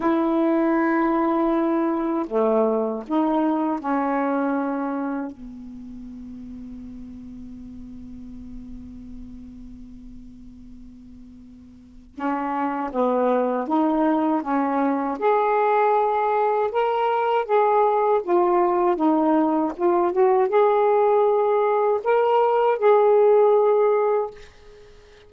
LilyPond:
\new Staff \with { instrumentName = "saxophone" } { \time 4/4 \tempo 4 = 79 e'2. a4 | dis'4 cis'2 b4~ | b1~ | b1 |
cis'4 b4 dis'4 cis'4 | gis'2 ais'4 gis'4 | f'4 dis'4 f'8 fis'8 gis'4~ | gis'4 ais'4 gis'2 | }